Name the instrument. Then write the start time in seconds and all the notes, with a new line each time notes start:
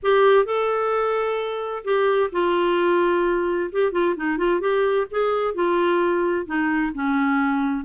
clarinet
0.02 G4
0.45 A4
1.84 G4
2.31 F4
3.72 G4
3.92 F4
4.16 D#4
4.37 F4
4.60 G4
5.10 G#4
5.54 F4
6.46 D#4
6.94 C#4